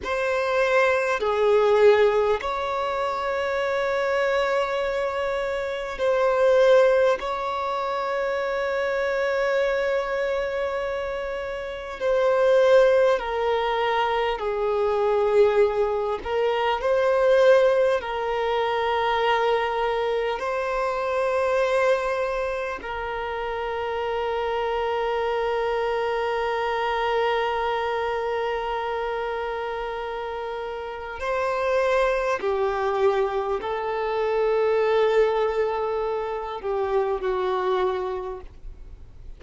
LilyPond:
\new Staff \with { instrumentName = "violin" } { \time 4/4 \tempo 4 = 50 c''4 gis'4 cis''2~ | cis''4 c''4 cis''2~ | cis''2 c''4 ais'4 | gis'4. ais'8 c''4 ais'4~ |
ais'4 c''2 ais'4~ | ais'1~ | ais'2 c''4 g'4 | a'2~ a'8 g'8 fis'4 | }